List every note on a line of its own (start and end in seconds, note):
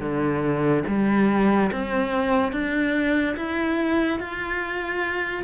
0.00 0.83 D3
0.87 1.70 G3
1.72 2.52 C4
2.52 3.36 D4
3.36 4.19 E4
4.19 5.44 F4